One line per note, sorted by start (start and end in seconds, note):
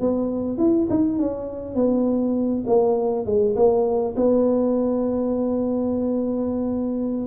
0.00 0.58 B3
0.58 0.87 E4
0.90 1.19 D#4
1.19 1.75 C#4
1.75 2.64 B3
2.67 3.26 A#3
3.26 3.55 G#3
3.55 4.15 A#3
4.16 7.26 B3